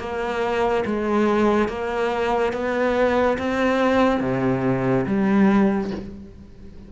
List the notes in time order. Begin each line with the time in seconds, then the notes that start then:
0.00 A#3
0.86 G#3
1.69 A#3
2.54 B3
3.38 C4
4.21 C3
5.07 G3